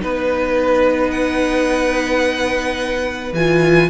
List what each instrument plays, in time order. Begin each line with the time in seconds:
0.00 cello B3, viola D#4, violin B4
1.11 violin F#5
3.33 cello E3, viola F4, violin G#5